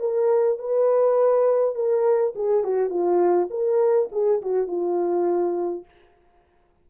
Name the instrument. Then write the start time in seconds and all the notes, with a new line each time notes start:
horn
0.00 A#4
0.59 B4
1.75 A#4
2.36 G#4
2.64 F#4
2.90 F4
3.51 A#4
4.12 G#4
4.42 F#4
4.67 F4